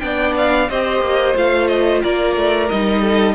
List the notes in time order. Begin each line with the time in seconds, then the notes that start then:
0.00 B3 D4 D5 G5
0.37 F5
0.69 C4 G4 C5 D#5
1.01 A#3
1.35 A3 F4 F5
1.68 D#5
2.03 A#3 A#4 D5
2.36 A3
2.69 G3 D#4 D#5
3.01 A4